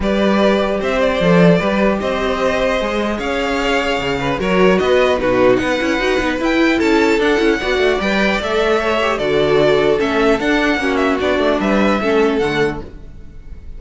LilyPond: <<
  \new Staff \with { instrumentName = "violin" } { \time 4/4 \tempo 4 = 150 d''2 e''8 d''4.~ | d''4 dis''2. | f''2. cis''4 | dis''4 b'4 fis''2 |
g''4 a''4 fis''2 | g''4 e''2 d''4~ | d''4 e''4 fis''4. e''8 | d''4 e''2 fis''4 | }
  \new Staff \with { instrumentName = "violin" } { \time 4/4 b'2 c''2 | b'4 c''2. | cis''2~ cis''8 b'8 ais'4 | b'4 fis'4 b'2~ |
b'4 a'2 d''4~ | d''2 cis''4 a'4~ | a'2. fis'4~ | fis'4 b'4 a'2 | }
  \new Staff \with { instrumentName = "viola" } { \time 4/4 g'2. a'4 | g'2. gis'4~ | gis'2. fis'4~ | fis'4 dis'4. e'8 fis'8 dis'8 |
e'2 d'8 e'8 fis'4 | b'4 a'4. g'8 fis'4~ | fis'4 cis'4 d'4 cis'4 | d'2 cis'4 a4 | }
  \new Staff \with { instrumentName = "cello" } { \time 4/4 g2 c'4 f4 | g4 c'2 gis4 | cis'2 cis4 fis4 | b4 b,4 b8 cis'8 dis'8 b8 |
e'4 cis'4 d'8 cis'8 b8 a8 | g4 a2 d4~ | d4 a4 d'4 ais4 | b8 a8 g4 a4 d4 | }
>>